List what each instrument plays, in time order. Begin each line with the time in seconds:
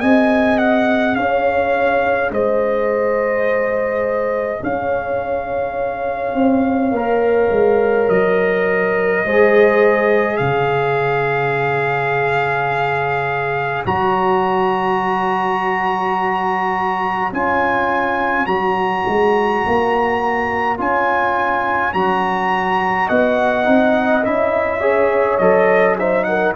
0.00 tuba C4, trombone G#4, horn D#5, trumpet G#5
0.58 trumpet F#5
1.15 tuba C#4, horn C#5, trumpet F5
2.31 tuba G#3, horn C5, trumpet D#5
4.62 tuba C#4, horn C#5, trumpet F5
6.34 tuba C4
6.91 tuba A#3, trombone A#4
7.51 tuba G#3
8.09 tuba F#3, trumpet D#5
9.25 tuba G#3, trombone G#4, horn C5
10.37 tuba C#3, horn C#5, trumpet F5
13.86 tuba F#3, trombone F#4, trumpet A#5
17.32 tuba C#4, trombone F4, trumpet G#5
18.46 tuba F#3, trombone F#4, trumpet A#5
19.07 tuba G#3
19.66 tuba A#3
20.77 tuba C#4, trombone F4, trumpet G#5
21.93 tuba F#3, trombone F#4, trumpet A#5
23.06 tuba B3, horn D#5, trumpet F#5
23.64 tuba C4, trombone D#4
24.23 tuba C#4, trombone E4, trumpet E5
24.80 trombone G#4, horn C#5
25.38 tuba F#3, trombone A4, trumpet D#5
25.98 trombone D#4, horn C5, trumpet E5
26.24 horn A#4, trumpet F#5